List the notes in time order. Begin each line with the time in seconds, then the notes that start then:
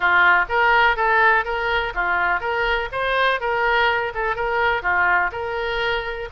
0.00 F4
0.48 A#4
0.96 A4
1.45 A#4
1.94 F4
2.40 A#4
2.92 C5
3.40 A#4
4.14 A4
4.35 A#4
4.82 F4
5.32 A#4